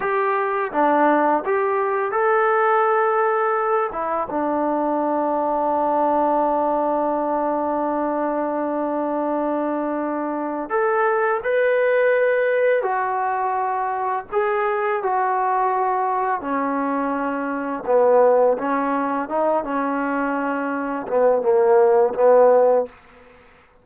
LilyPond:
\new Staff \with { instrumentName = "trombone" } { \time 4/4 \tempo 4 = 84 g'4 d'4 g'4 a'4~ | a'4. e'8 d'2~ | d'1~ | d'2. a'4 |
b'2 fis'2 | gis'4 fis'2 cis'4~ | cis'4 b4 cis'4 dis'8 cis'8~ | cis'4. b8 ais4 b4 | }